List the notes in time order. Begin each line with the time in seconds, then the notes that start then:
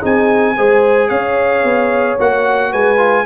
0.00 C4 D#4 G#4 G#5
0.57 G#3 G#4 C5
1.09 C#4 C#5 F5
1.64 B3
2.19 A#3 F#4 F#5
2.72 G#3 B4 G#5
2.98 F4